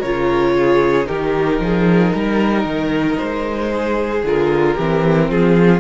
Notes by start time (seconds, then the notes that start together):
0.00 C#3 F4 A#4 C#5
0.58 G#4
1.06 D#3 D#4 G4 A#4
1.60 F3 G#4
2.14 G3 A#4
2.65 D#3
3.18 G#3 C5
3.72 G#4
4.23 D3 F4 A#4
4.75 E3 C4 G4
5.30 F3 F4 G#4